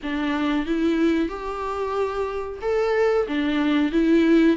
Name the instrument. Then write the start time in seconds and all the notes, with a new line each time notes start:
viola
0.03 D4
0.66 E4
1.28 G4
2.61 A4
3.27 D4
3.92 E4